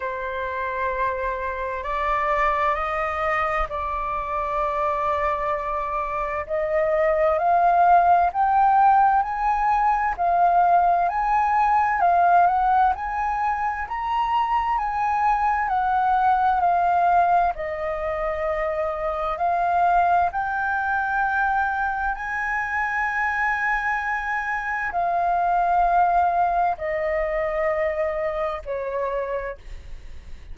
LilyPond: \new Staff \with { instrumentName = "flute" } { \time 4/4 \tempo 4 = 65 c''2 d''4 dis''4 | d''2. dis''4 | f''4 g''4 gis''4 f''4 | gis''4 f''8 fis''8 gis''4 ais''4 |
gis''4 fis''4 f''4 dis''4~ | dis''4 f''4 g''2 | gis''2. f''4~ | f''4 dis''2 cis''4 | }